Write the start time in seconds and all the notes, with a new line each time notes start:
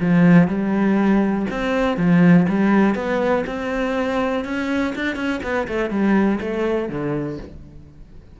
0.00 F3
0.48 G3
1.50 C4
1.96 F3
2.48 G3
2.95 B3
3.46 C4
4.44 C#4
4.95 D4
5.15 C#4
5.43 B3
5.67 A3
5.90 G3
6.40 A3
6.89 D3